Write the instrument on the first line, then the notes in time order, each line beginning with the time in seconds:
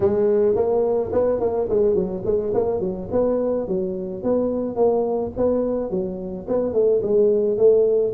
tuba
0.00 G#3
0.55 A#3
1.12 B3
1.40 A#3
1.69 G#3
1.94 F#3
2.25 G#3
2.54 A#3
2.80 F#3
3.11 B3
3.67 F#3
4.23 B3
4.75 A#3
5.36 B3
5.90 F#3
6.47 B3
6.73 A3
7.02 G#3
7.57 A3